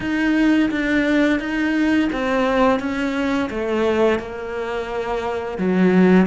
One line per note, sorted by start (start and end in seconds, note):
0.00 0.70 D#4
0.70 1.39 D4
1.39 2.09 D#4
2.12 2.79 C4
2.79 3.49 C#4
3.50 4.19 A3
4.19 5.58 A#3
5.58 6.26 F#3